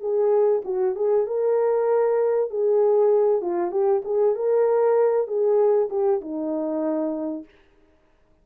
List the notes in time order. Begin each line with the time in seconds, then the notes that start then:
0.00 G#4
0.64 F#4
0.95 G#4
1.27 A#4
2.50 G#4
3.41 F4
3.71 G4
4.04 G#4
4.35 A#4
5.27 G#4
5.90 G4
6.21 D#4